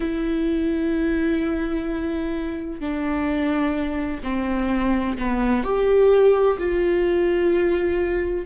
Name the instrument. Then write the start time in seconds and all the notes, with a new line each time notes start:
viola
0.00 E4
2.80 D4
4.23 C4
5.18 B3
5.63 G4
6.58 F4